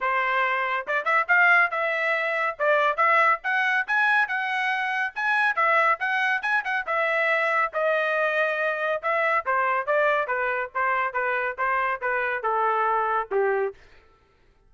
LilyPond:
\new Staff \with { instrumentName = "trumpet" } { \time 4/4 \tempo 4 = 140 c''2 d''8 e''8 f''4 | e''2 d''4 e''4 | fis''4 gis''4 fis''2 | gis''4 e''4 fis''4 gis''8 fis''8 |
e''2 dis''2~ | dis''4 e''4 c''4 d''4 | b'4 c''4 b'4 c''4 | b'4 a'2 g'4 | }